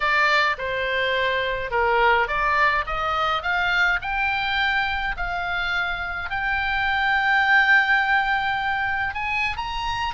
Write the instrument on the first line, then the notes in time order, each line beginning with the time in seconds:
oboe
0.00 D5
0.58 C5
1.71 A#4
2.27 D5
2.86 D#5
3.42 F5
4.01 G5
5.16 F5
6.30 G5
9.14 G#5
9.57 A#5